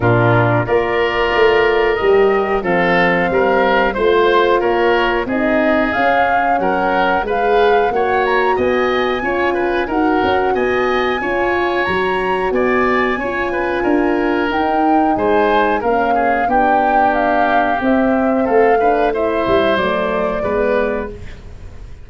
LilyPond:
<<
  \new Staff \with { instrumentName = "flute" } { \time 4/4 \tempo 4 = 91 ais'4 d''2 dis''4 | f''2 c''4 cis''4 | dis''4 f''4 fis''4 f''4 | fis''8 ais''8 gis''2 fis''4 |
gis''2 ais''4 gis''4~ | gis''2 g''4 gis''4 | f''4 g''4 f''4 e''4 | f''4 e''4 d''2 | }
  \new Staff \with { instrumentName = "oboe" } { \time 4/4 f'4 ais'2. | a'4 ais'4 c''4 ais'4 | gis'2 ais'4 b'4 | cis''4 dis''4 cis''8 b'8 ais'4 |
dis''4 cis''2 d''4 | cis''8 b'8 ais'2 c''4 | ais'8 gis'8 g'2. | a'8 b'8 c''2 b'4 | }
  \new Staff \with { instrumentName = "horn" } { \time 4/4 d'4 f'2 g'4 | c'2 f'2 | dis'4 cis'2 gis'4 | fis'2 f'4 fis'4~ |
fis'4 f'4 fis'2 | f'2 dis'2 | cis'4 d'2 c'4~ | c'8 d'8 e'4 a4 b4 | }
  \new Staff \with { instrumentName = "tuba" } { \time 4/4 ais,4 ais4 a4 g4 | f4 g4 a4 ais4 | c'4 cis'4 fis4 gis4 | ais4 b4 cis'4 dis'8 cis'8 |
b4 cis'4 fis4 b4 | cis'4 d'4 dis'4 gis4 | ais4 b2 c'4 | a4. g8 fis4 gis4 | }
>>